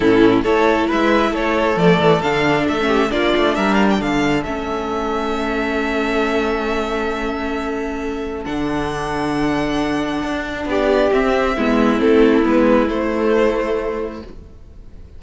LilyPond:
<<
  \new Staff \with { instrumentName = "violin" } { \time 4/4 \tempo 4 = 135 a'4 cis''4 e''4 cis''4 | d''4 f''4 e''4 d''4 | e''8 f''16 g''16 f''4 e''2~ | e''1~ |
e''2. fis''4~ | fis''1 | d''4 e''2 a'4 | b'4 c''2. | }
  \new Staff \with { instrumentName = "violin" } { \time 4/4 e'4 a'4 b'4 a'4~ | a'2~ a'8 g'8 f'4 | ais'4 a'2.~ | a'1~ |
a'1~ | a'1 | g'2 e'2~ | e'1 | }
  \new Staff \with { instrumentName = "viola" } { \time 4/4 cis'4 e'2. | a4 d'4~ d'16 cis'8. d'4~ | d'2 cis'2~ | cis'1~ |
cis'2. d'4~ | d'1~ | d'4 c'4 b4 c'4 | b4 a2. | }
  \new Staff \with { instrumentName = "cello" } { \time 4/4 a,4 a4 gis4 a4 | f8 e8 d4 a4 ais8 a8 | g4 d4 a2~ | a1~ |
a2. d4~ | d2. d'4 | b4 c'4 gis4 a4 | gis4 a2. | }
>>